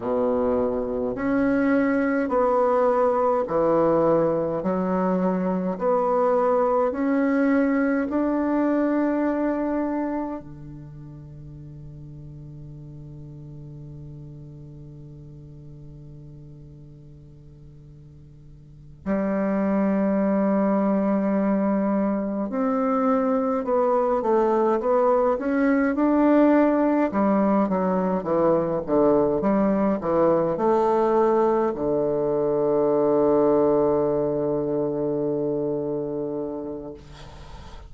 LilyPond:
\new Staff \with { instrumentName = "bassoon" } { \time 4/4 \tempo 4 = 52 b,4 cis'4 b4 e4 | fis4 b4 cis'4 d'4~ | d'4 d2.~ | d1~ |
d8 g2. c'8~ | c'8 b8 a8 b8 cis'8 d'4 g8 | fis8 e8 d8 g8 e8 a4 d8~ | d1 | }